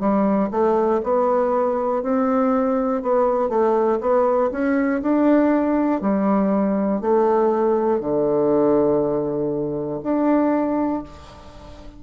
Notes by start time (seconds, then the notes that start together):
0.00 G3
0.51 A3
1.04 B3
2.02 C4
3.02 B3
3.49 A3
4.00 B3
4.51 C#4
5.02 D4
6.01 G3
7.01 A3
8.00 D3
10.03 D4